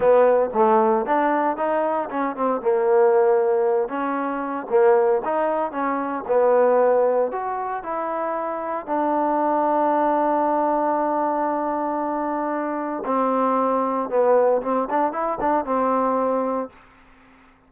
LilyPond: \new Staff \with { instrumentName = "trombone" } { \time 4/4 \tempo 4 = 115 b4 a4 d'4 dis'4 | cis'8 c'8 ais2~ ais8 cis'8~ | cis'4 ais4 dis'4 cis'4 | b2 fis'4 e'4~ |
e'4 d'2.~ | d'1~ | d'4 c'2 b4 | c'8 d'8 e'8 d'8 c'2 | }